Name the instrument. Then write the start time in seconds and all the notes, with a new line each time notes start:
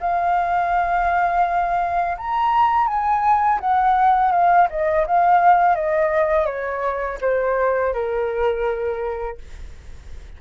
flute
0.00 F5
2.18 A#5
2.87 G#5
3.60 F#5
4.31 F5
4.70 D#5
5.06 F5
5.75 D#5
6.46 C#5
7.21 C5
7.93 A#4